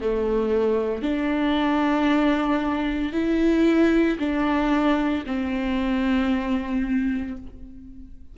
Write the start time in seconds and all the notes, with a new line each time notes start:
0.00 A3
1.02 D4
3.12 E4
4.19 D4
5.26 C4